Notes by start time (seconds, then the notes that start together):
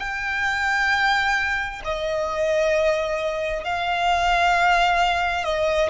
0.00 G5
1.85 D#5
3.64 F5
5.45 D#5